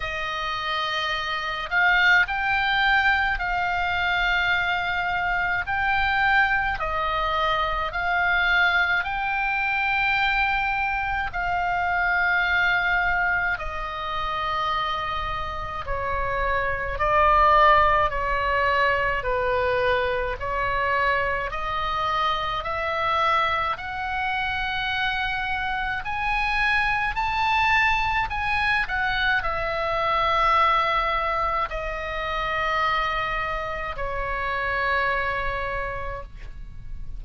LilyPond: \new Staff \with { instrumentName = "oboe" } { \time 4/4 \tempo 4 = 53 dis''4. f''8 g''4 f''4~ | f''4 g''4 dis''4 f''4 | g''2 f''2 | dis''2 cis''4 d''4 |
cis''4 b'4 cis''4 dis''4 | e''4 fis''2 gis''4 | a''4 gis''8 fis''8 e''2 | dis''2 cis''2 | }